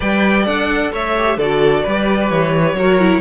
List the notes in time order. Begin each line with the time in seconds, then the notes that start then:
0.00 G3 B4 D5 G5
0.45 D4 A4 F#5
0.92 A3 C#5 E5
1.17 G4
1.37 D3 F#4 A4 D5
1.83 G3 G4 B4
2.30 E3 C#5
2.73 F#3 F#4 A#4
2.99 E4